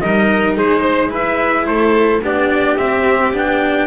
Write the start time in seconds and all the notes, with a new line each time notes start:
0.00 G3 D#4 A#4 D#5
0.57 G#3 G#4 C5
0.80 C5
1.08 E4 B4 E5
1.66 A3 A4 C5
2.22 B3 D4 G4 D5
2.77 C4 E5
3.33 B3 D4 G5